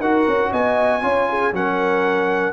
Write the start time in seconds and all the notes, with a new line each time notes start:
0.00 D#4 F#4 A#4 F#5
0.28 C#4
0.51 B3 D#5 G#5
1.02 C#4 F4 C#5
1.30 G#4
1.53 F#3 C#4 A#4 F#5